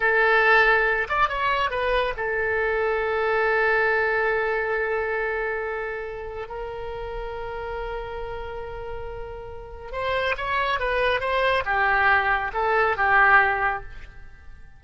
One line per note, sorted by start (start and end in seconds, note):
0.00 1.08 A4
1.08 1.29 D5
1.29 1.70 C#5
1.70 2.13 B4
2.16 6.47 A4
6.47 9.92 A#4
9.92 10.35 C5
10.37 10.79 C#5
10.79 11.20 B4
11.20 11.63 C5
11.65 12.51 G4
12.53 12.96 A4
12.97 13.83 G4